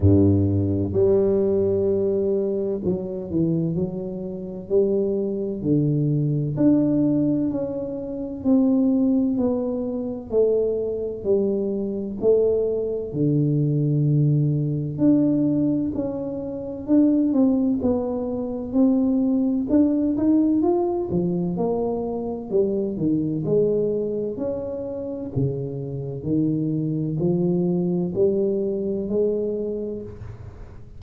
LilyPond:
\new Staff \with { instrumentName = "tuba" } { \time 4/4 \tempo 4 = 64 g,4 g2 fis8 e8 | fis4 g4 d4 d'4 | cis'4 c'4 b4 a4 | g4 a4 d2 |
d'4 cis'4 d'8 c'8 b4 | c'4 d'8 dis'8 f'8 f8 ais4 | g8 dis8 gis4 cis'4 cis4 | dis4 f4 g4 gis4 | }